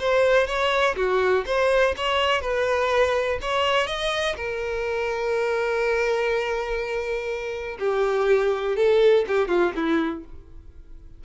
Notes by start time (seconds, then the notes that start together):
0.00 C5
0.47 C#5
0.96 F#4
1.46 C5
1.97 C#5
2.41 B4
3.42 C#5
3.87 D#5
4.36 A#4
7.80 G4
8.76 A4
9.28 G4
9.48 F4
9.76 E4